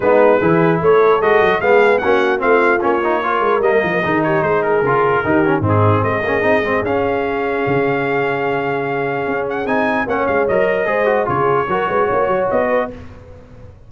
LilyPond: <<
  \new Staff \with { instrumentName = "trumpet" } { \time 4/4 \tempo 4 = 149 b'2 cis''4 dis''4 | f''4 fis''4 f''4 cis''4~ | cis''4 dis''4. cis''8 c''8 ais'8~ | ais'2 gis'4 dis''4~ |
dis''4 f''2.~ | f''2.~ f''8 fis''8 | gis''4 fis''8 f''8 dis''2 | cis''2. dis''4 | }
  \new Staff \with { instrumentName = "horn" } { \time 4/4 dis'4 gis'4 a'2 | gis'4 fis'4 f'2 | ais'2 gis'8 g'8 gis'4~ | gis'4 g'4 dis'4 gis'4~ |
gis'1~ | gis'1~ | gis'4 cis''2 c''4 | gis'4 ais'8 b'8 cis''4. b'8 | }
  \new Staff \with { instrumentName = "trombone" } { \time 4/4 b4 e'2 fis'4 | b4 cis'4 c'4 cis'8 dis'8 | f'4 ais4 dis'2 | f'4 dis'8 cis'8 c'4. cis'8 |
dis'8 c'8 cis'2.~ | cis'1 | dis'4 cis'4 ais'4 gis'8 fis'8 | f'4 fis'2. | }
  \new Staff \with { instrumentName = "tuba" } { \time 4/4 gis4 e4 a4 gis8 fis8 | gis4 ais4 a4 ais4~ | ais8 gis8 g8 f8 dis4 gis4 | cis4 dis4 gis,4 gis8 ais8 |
c'8 gis8 cis'2 cis4~ | cis2. cis'4 | c'4 ais8 gis8 fis4 gis4 | cis4 fis8 gis8 ais8 fis8 b4 | }
>>